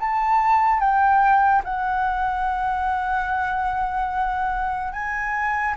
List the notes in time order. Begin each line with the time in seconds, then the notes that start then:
0.00 A5
0.80 G5
1.64 F#5
4.92 G#5